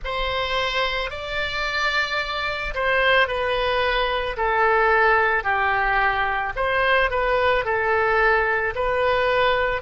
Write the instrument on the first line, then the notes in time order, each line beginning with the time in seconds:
oboe
0.04 C5
1.10 D5
2.74 C5
3.27 B4
4.36 A4
5.43 G4
6.56 C5
7.10 B4
7.65 A4
8.75 B4